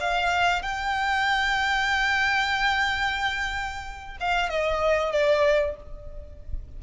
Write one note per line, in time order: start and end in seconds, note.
0.00 0.62 F5
0.62 4.16 G5
4.20 4.49 F5
4.49 5.11 D#5
5.11 5.76 D5